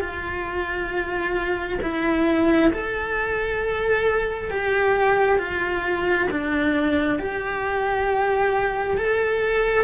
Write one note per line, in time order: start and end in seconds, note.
0.00 1.79 F4
1.82 2.72 E4
2.73 4.50 A4
4.50 5.38 G4
5.38 6.28 F4
6.30 7.18 D4
7.18 8.97 G4
8.97 9.83 A4